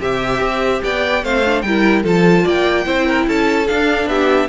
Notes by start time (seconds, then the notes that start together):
0.00 C3 G4 E5
0.41 C4
0.84 B3 D5 G5
1.24 A3 C4 C5 F5
1.45 D4
1.62 G3 E4 A#4 G5
2.03 F3 F4 A4 A5
2.44 A#3 D5 G5
2.85 C4 E4 C5
3.06 A#4
3.27 C#4 A4 A5
3.68 D4 F5
4.06 B3 G4 E5